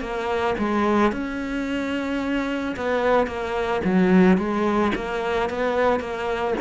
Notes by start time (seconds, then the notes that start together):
0.00 A#3
0.59 G#3
1.12 C#4
2.76 B3
3.26 A#3
3.84 F#3
4.37 G#3
4.95 A#3
5.49 B3
6.00 A#3